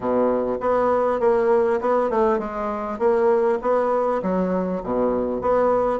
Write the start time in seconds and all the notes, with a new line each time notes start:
0.00 B2
0.60 B3
1.19 A#3
1.80 B3
2.10 A3
2.38 G#3
2.98 A#3
3.61 B3
4.22 F#3
4.83 B2
5.41 B3